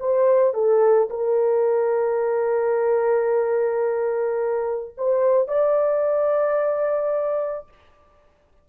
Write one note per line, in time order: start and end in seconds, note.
0.00 0.54 C5
0.54 1.09 A4
1.10 4.95 A#4
4.97 5.48 C5
5.48 7.68 D5